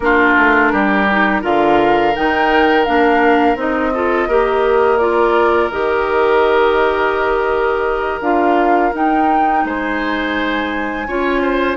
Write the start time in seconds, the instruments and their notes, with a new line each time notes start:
0.00 bassoon A#3, clarinet D4, oboe F4, flute A#4
0.37 bassoon A3
0.72 bassoon G3, oboe G4
1.10 clarinet D#4
1.41 bassoon D3, clarinet F4, oboe A#4, flute F5
2.15 bassoon D#3, clarinet D#4, flute G5
2.85 bassoon A#3, clarinet D4, flute F5
3.55 bassoon C4, clarinet D#4, flute D#5
3.94 clarinet F4, oboe A4
4.28 bassoon A#3, clarinet G4, oboe A#4
4.98 clarinet F4, flute D5
5.71 bassoon D#3, clarinet G4, flute D#5
8.20 bassoon D4, clarinet F4, flute F5
8.93 clarinet D#4, bassoon D#4, flute G5
9.64 bassoon G#3, oboe C5, flute G#5
11.07 bassoon C#4, clarinet F4, oboe C#5
11.41 oboe C5